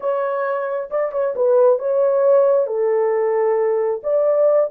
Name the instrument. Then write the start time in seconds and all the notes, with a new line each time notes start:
horn
0.00 C#5
0.90 D5
1.12 C#5
1.35 B4
1.78 C#5
2.66 A4
4.03 D5